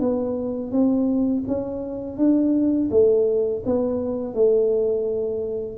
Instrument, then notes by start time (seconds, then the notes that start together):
tuba
0.00 B3
0.72 C4
1.48 C#4
2.17 D4
2.91 A3
3.65 B3
4.34 A3